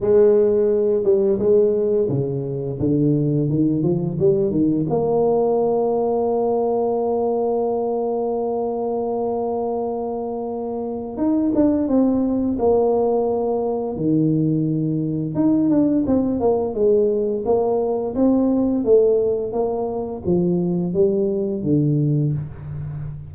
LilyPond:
\new Staff \with { instrumentName = "tuba" } { \time 4/4 \tempo 4 = 86 gis4. g8 gis4 cis4 | d4 dis8 f8 g8 dis8 ais4~ | ais1~ | ais1 |
dis'8 d'8 c'4 ais2 | dis2 dis'8 d'8 c'8 ais8 | gis4 ais4 c'4 a4 | ais4 f4 g4 d4 | }